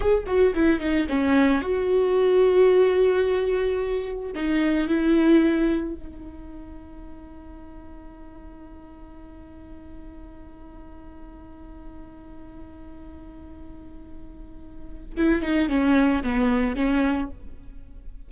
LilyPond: \new Staff \with { instrumentName = "viola" } { \time 4/4 \tempo 4 = 111 gis'8 fis'8 e'8 dis'8 cis'4 fis'4~ | fis'1 | dis'4 e'2 dis'4~ | dis'1~ |
dis'1~ | dis'1~ | dis'1 | e'8 dis'8 cis'4 b4 cis'4 | }